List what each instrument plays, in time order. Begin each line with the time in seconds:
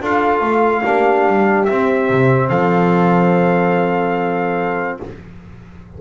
0.00 double bass D4, trombone F4, horn A4, trumpet F5
0.40 double bass A3
0.82 double bass A#3, trombone D4, horn G4
1.26 double bass G3
1.64 trombone C4, double bass C4, trumpet E5
2.09 double bass C3
2.48 double bass F3, horn A4, trumpet F5